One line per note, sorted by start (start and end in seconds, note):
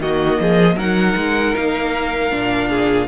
0.00 0.38 D#3
0.00 0.79 A#3
0.00 0.40 F#4
0.00 0.79 D#5
0.41 0.76 F3
0.41 0.76 G#4
0.76 1.15 F#3
0.76 2.31 D#4
0.76 2.69 A#4
0.76 1.56 F#5
1.16 1.55 G#3
1.56 2.32 A#3
1.56 3.08 F5
2.31 3.08 A#2
2.31 3.08 D4
2.70 3.08 G#4